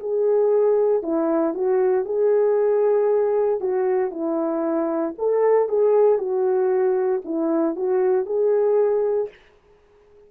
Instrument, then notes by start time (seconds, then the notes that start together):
horn
0.00 G#4
1.03 E4
1.55 F#4
2.05 G#4
3.61 F#4
4.11 E4
5.19 A4
5.69 G#4
6.18 F#4
7.25 E4
7.76 F#4
8.26 G#4